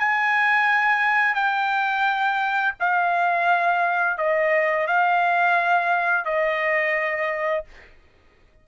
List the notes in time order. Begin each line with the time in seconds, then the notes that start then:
0.00 G#5
1.35 G5
2.80 F5
4.19 D#5
4.87 F5
6.25 D#5